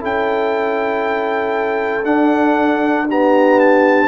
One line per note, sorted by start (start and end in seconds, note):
0.00 2.05 C#4
0.00 2.03 E4
0.00 3.07 A4
0.00 2.05 G5
2.05 4.08 D4
2.05 3.08 D4
2.05 3.07 F#5
3.08 4.08 B3
3.08 4.08 G4
3.08 3.60 A#5
3.60 4.08 A5